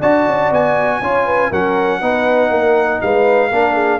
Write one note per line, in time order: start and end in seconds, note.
0.00 0.27 D4
0.00 1.02 F#4
0.00 1.00 D5
0.00 0.52 A5
0.27 0.51 C#4
0.51 1.01 B3
0.51 1.53 G#5
1.01 1.51 C#4
1.01 1.52 F4
1.01 1.26 C#5
1.26 1.51 B4
1.51 2.02 F#3
1.51 2.02 C#4
1.51 2.01 A#4
1.51 3.01 F#5
2.01 2.50 B3
2.01 3.52 D#4
2.01 2.51 B4
2.50 3.00 A#3
2.50 3.01 A#4
3.01 3.51 G#3
3.01 3.50 B4
3.01 4.00 F5
3.50 4.00 A#3
3.50 4.00 D4
3.50 3.74 A#4
3.74 3.99 G#4